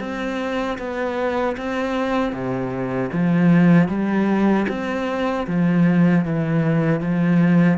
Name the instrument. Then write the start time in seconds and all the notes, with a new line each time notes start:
cello
0.00 C4
0.78 B3
1.57 C4
2.32 C3
3.12 F3
3.88 G3
4.68 C4
5.47 F3
6.25 E3
7.01 F3